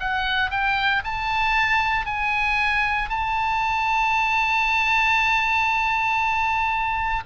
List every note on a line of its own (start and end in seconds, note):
0.00 0.51 F#5
0.51 1.03 G5
1.04 2.06 A5
2.06 3.09 G#5
3.09 7.23 A5